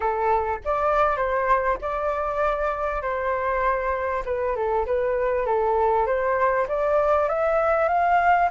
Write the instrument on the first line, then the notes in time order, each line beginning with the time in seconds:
flute
0.00 A4
0.64 D5
1.17 C5
1.81 D5
3.02 C5
4.25 B4
4.55 A4
4.86 B4
5.45 A4
6.06 C5
6.68 D5
7.29 E5
7.88 F5